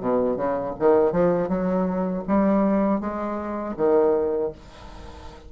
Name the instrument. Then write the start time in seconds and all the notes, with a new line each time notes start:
bassoon
0.00 B2
0.36 C#3
0.79 D#3
1.12 F3
1.48 F#3
2.27 G3
3.00 G#3
3.77 D#3